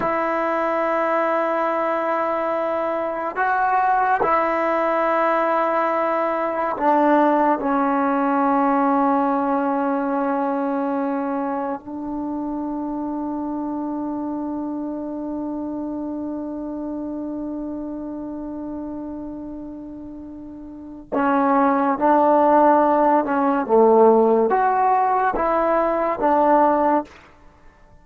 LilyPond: \new Staff \with { instrumentName = "trombone" } { \time 4/4 \tempo 4 = 71 e'1 | fis'4 e'2. | d'4 cis'2.~ | cis'2 d'2~ |
d'1~ | d'1~ | d'4 cis'4 d'4. cis'8 | a4 fis'4 e'4 d'4 | }